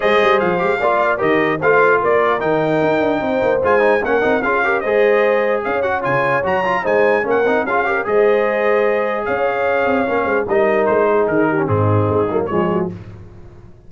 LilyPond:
<<
  \new Staff \with { instrumentName = "trumpet" } { \time 4/4 \tempo 4 = 149 dis''4 f''2 dis''4 | f''4 d''4 g''2~ | g''4 gis''4 fis''4 f''4 | dis''2 f''8 fis''8 gis''4 |
ais''4 gis''4 fis''4 f''4 | dis''2. f''4~ | f''2 dis''4 c''4 | ais'4 gis'2 cis''4 | }
  \new Staff \with { instrumentName = "horn" } { \time 4/4 c''2 d''4 ais'4 | c''4 ais'2. | c''2 ais'4 gis'8 ais'8 | c''2 cis''2~ |
cis''4 c''4 ais'4 gis'8 ais'8 | c''2. cis''4~ | cis''4. c''8 ais'4. gis'8~ | gis'8 g'8 dis'2 gis'8 fis'8 | }
  \new Staff \with { instrumentName = "trombone" } { \time 4/4 gis'4. g'8 f'4 g'4 | f'2 dis'2~ | dis'4 f'8 dis'8 cis'8 dis'8 f'8 g'8 | gis'2~ gis'8 fis'8 f'4 |
fis'8 f'8 dis'4 cis'8 dis'8 f'8 g'8 | gis'1~ | gis'4 cis'4 dis'2~ | dis'8. cis'16 c'4. ais8 gis4 | }
  \new Staff \with { instrumentName = "tuba" } { \time 4/4 gis8 g8 f8 gis8 ais4 dis4 | a4 ais4 dis4 dis'8 d'8 | c'8 ais8 gis4 ais8 c'8 cis'4 | gis2 cis'4 cis4 |
fis4 gis4 ais8 c'8 cis'4 | gis2. cis'4~ | cis'8 c'8 ais8 gis8 g4 gis4 | dis4 gis,4 gis8 fis8 f4 | }
>>